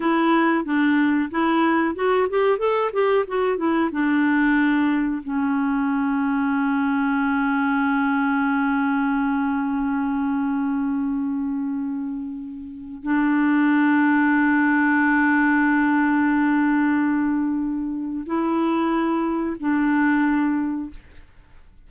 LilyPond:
\new Staff \with { instrumentName = "clarinet" } { \time 4/4 \tempo 4 = 92 e'4 d'4 e'4 fis'8 g'8 | a'8 g'8 fis'8 e'8 d'2 | cis'1~ | cis'1~ |
cis'1 | d'1~ | d'1 | e'2 d'2 | }